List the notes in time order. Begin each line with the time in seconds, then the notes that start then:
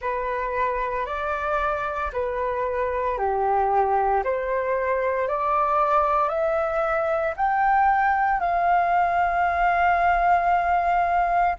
0.01 B4
1.05 D5
2.12 B4
3.18 G4
4.23 C5
5.27 D5
6.28 E5
7.36 G5
8.39 F5